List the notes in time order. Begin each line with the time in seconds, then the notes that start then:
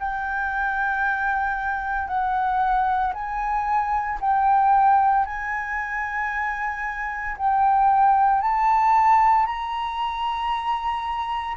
0.00 G5
2.08 F#5
3.14 G#5
4.21 G5
5.26 G#5
7.38 G5
8.42 A5
9.47 A#5